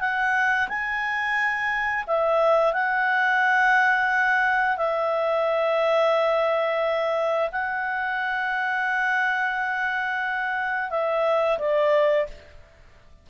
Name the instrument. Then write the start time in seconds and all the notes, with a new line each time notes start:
clarinet
0.00 F#5
0.68 G#5
2.07 E5
2.73 F#5
4.77 E5
7.52 F#5
10.90 E5
11.59 D5